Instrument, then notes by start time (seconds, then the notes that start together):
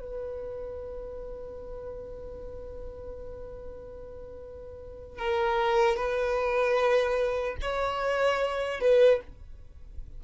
violin
0.00 B4
5.19 A#4
5.96 B4
7.61 C#5
8.80 B4